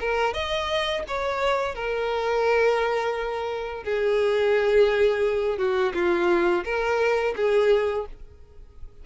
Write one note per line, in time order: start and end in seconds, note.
0.00 0.34 A#4
0.34 1.03 D#5
1.08 1.75 C#5
1.75 3.84 A#4
3.84 5.58 G#4
5.58 5.93 F#4
5.94 6.64 F4
6.64 7.34 A#4
7.36 8.06 G#4